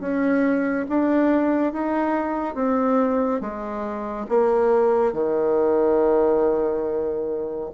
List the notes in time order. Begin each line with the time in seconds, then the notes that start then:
0.00 C#4
0.88 D4
1.72 D#4
2.55 C4
3.41 G#3
4.29 A#3
5.13 D#3